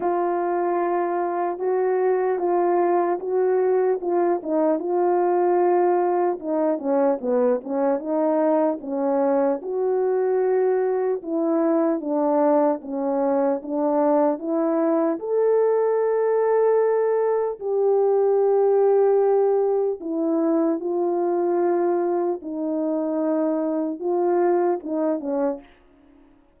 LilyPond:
\new Staff \with { instrumentName = "horn" } { \time 4/4 \tempo 4 = 75 f'2 fis'4 f'4 | fis'4 f'8 dis'8 f'2 | dis'8 cis'8 b8 cis'8 dis'4 cis'4 | fis'2 e'4 d'4 |
cis'4 d'4 e'4 a'4~ | a'2 g'2~ | g'4 e'4 f'2 | dis'2 f'4 dis'8 cis'8 | }